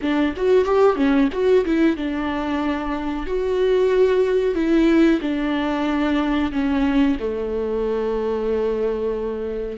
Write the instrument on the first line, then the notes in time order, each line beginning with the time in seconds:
viola
0.01 D4
0.36 F#4
0.64 G4
0.96 C#4
1.32 F#4
1.65 E4
1.96 D4
3.26 F#4
4.54 E4
5.21 D4
6.52 C#4
7.19 A3